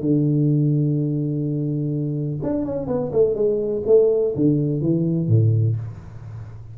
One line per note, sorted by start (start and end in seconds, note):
0.00 2.40 D3
2.42 2.65 D4
2.65 2.87 C#4
2.87 3.11 B3
3.12 3.34 A3
3.34 3.82 G#3
3.86 4.34 A3
4.35 4.81 D3
4.81 5.28 E3
5.28 5.76 A2